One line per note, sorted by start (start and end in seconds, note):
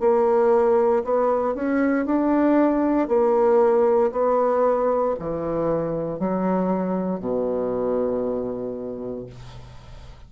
0.00 1.03 A#3
1.04 1.55 B3
1.55 2.06 C#4
2.06 3.08 D4
3.08 4.11 A#3
4.12 5.15 B3
5.20 6.20 E3
6.20 7.20 F#3
7.20 9.27 B2